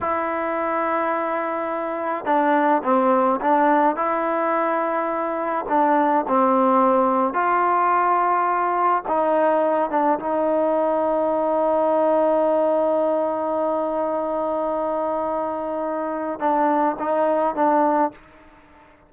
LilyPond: \new Staff \with { instrumentName = "trombone" } { \time 4/4 \tempo 4 = 106 e'1 | d'4 c'4 d'4 e'4~ | e'2 d'4 c'4~ | c'4 f'2. |
dis'4. d'8 dis'2~ | dis'1~ | dis'1~ | dis'4 d'4 dis'4 d'4 | }